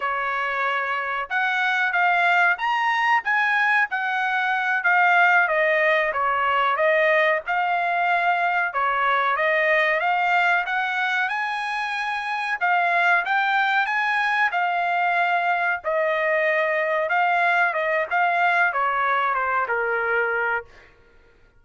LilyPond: \new Staff \with { instrumentName = "trumpet" } { \time 4/4 \tempo 4 = 93 cis''2 fis''4 f''4 | ais''4 gis''4 fis''4. f''8~ | f''8 dis''4 cis''4 dis''4 f''8~ | f''4. cis''4 dis''4 f''8~ |
f''8 fis''4 gis''2 f''8~ | f''8 g''4 gis''4 f''4.~ | f''8 dis''2 f''4 dis''8 | f''4 cis''4 c''8 ais'4. | }